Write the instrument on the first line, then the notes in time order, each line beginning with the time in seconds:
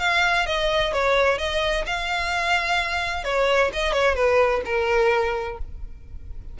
violin
0.00 F5
0.47 D#5
0.93 C#5
1.39 D#5
1.86 F5
3.25 C#5
3.74 D#5
3.93 C#5
4.15 B4
4.66 A#4